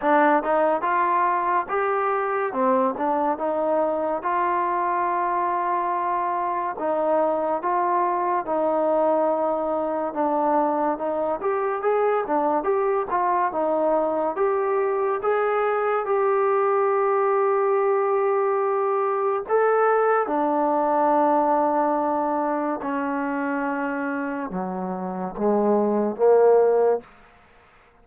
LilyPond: \new Staff \with { instrumentName = "trombone" } { \time 4/4 \tempo 4 = 71 d'8 dis'8 f'4 g'4 c'8 d'8 | dis'4 f'2. | dis'4 f'4 dis'2 | d'4 dis'8 g'8 gis'8 d'8 g'8 f'8 |
dis'4 g'4 gis'4 g'4~ | g'2. a'4 | d'2. cis'4~ | cis'4 fis4 gis4 ais4 | }